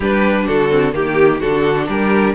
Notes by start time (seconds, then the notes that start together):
0.00 G3 D4 G4 B4
0.46 D3 F#4 A4
0.70 C4
0.92 D#3 A#3 G4
1.39 D3 D4 F#4 A4
1.88 G3 G4 A#4